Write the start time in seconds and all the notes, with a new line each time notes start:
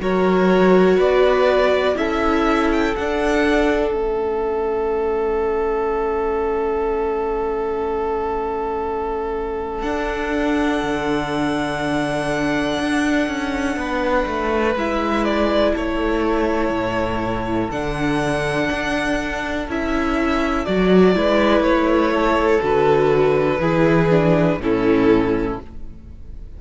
0.00 F#3 F#4 A#4 C#5
0.96 B3 B4 D5
1.95 C#4 E4 A4 E5
2.71 G5
2.95 D4 F#5
3.93 A3 C#4 E5
9.82 D4 F#5
10.82 D3
12.80 D4
13.27 C#4
13.76 B3 B4
14.26 A3
14.75 G#3 E4 E5
15.25 D5
15.74 A3 A4 C#5
16.70 A2
17.71 D3 D4 F#5
18.71 D4
19.68 C#4 E4 E5
20.65 F#3 F#4 D5
21.14 G#3 E4 B4
21.60 A3 C#5
22.13 A4
22.61 D3 F#4 B4
23.59 E3 E4 G#4
24.10 D4
24.59 A2 C#4 E4 A4